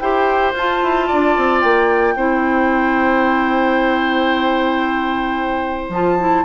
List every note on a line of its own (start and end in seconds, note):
0.00 0.54 E4
0.00 0.55 G4
0.00 1.08 C5
0.00 0.54 G5
0.54 0.80 F4
0.54 2.17 F4
0.54 1.61 A5
0.83 1.10 E4
1.08 1.38 D4
1.08 2.15 D5
1.38 1.64 C4
1.61 2.16 A#3
1.61 5.89 G5
2.16 5.90 C4
2.16 5.92 E4
2.16 6.45 C5
5.90 6.43 F3
5.90 6.20 F4
5.90 6.45 A5
6.20 6.45 E4